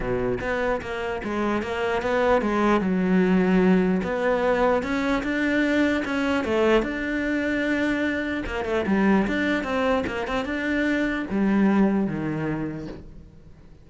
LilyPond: \new Staff \with { instrumentName = "cello" } { \time 4/4 \tempo 4 = 149 b,4 b4 ais4 gis4 | ais4 b4 gis4 fis4~ | fis2 b2 | cis'4 d'2 cis'4 |
a4 d'2.~ | d'4 ais8 a8 g4 d'4 | c'4 ais8 c'8 d'2 | g2 dis2 | }